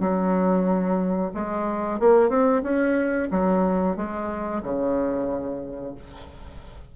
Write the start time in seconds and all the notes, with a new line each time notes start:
0.00 F#3
1.34 G#3
2.00 A#3
2.29 C4
2.63 C#4
3.31 F#3
3.96 G#3
4.63 C#3